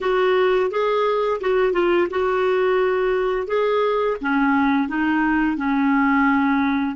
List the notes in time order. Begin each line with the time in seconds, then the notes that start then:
0.01 F#4
0.70 G#4
1.40 F#4
1.73 F4
2.10 F#4
3.47 G#4
4.21 C#4
4.88 D#4
5.56 C#4